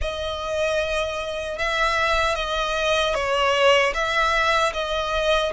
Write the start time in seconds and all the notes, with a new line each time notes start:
0.01 D#5
1.58 E5
2.35 D#5
3.14 C#5
3.93 E5
4.73 D#5